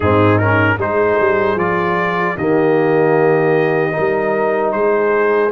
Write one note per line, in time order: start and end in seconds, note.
0.00 0.77 G#2
0.00 0.41 C4
0.00 0.76 D#4
0.00 0.38 G#4
0.38 0.79 C#4
0.38 0.77 A#4
0.78 1.18 G#3
0.78 1.58 D#4
0.78 2.37 G#4
0.78 1.58 C5
1.19 1.55 G3
1.55 2.34 F3
1.55 2.37 F4
1.55 2.37 D5
2.37 3.95 D#3
2.37 3.92 A#3
2.37 3.94 G4
2.37 4.72 D#5
3.92 5.50 D#4
3.92 4.73 A#4
3.98 4.74 G3
4.72 5.51 G#3
4.72 5.51 G#4
4.72 5.50 C5